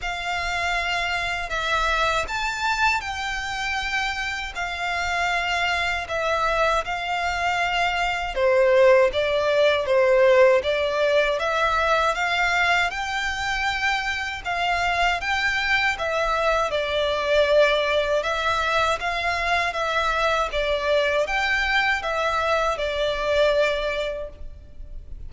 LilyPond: \new Staff \with { instrumentName = "violin" } { \time 4/4 \tempo 4 = 79 f''2 e''4 a''4 | g''2 f''2 | e''4 f''2 c''4 | d''4 c''4 d''4 e''4 |
f''4 g''2 f''4 | g''4 e''4 d''2 | e''4 f''4 e''4 d''4 | g''4 e''4 d''2 | }